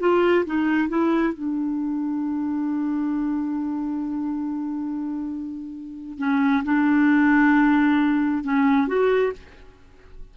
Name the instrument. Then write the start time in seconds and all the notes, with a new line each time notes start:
clarinet
0.00 F4
0.46 D#4
0.89 E4
1.34 D4
6.18 C#4
6.64 D4
8.44 C#4
8.88 F#4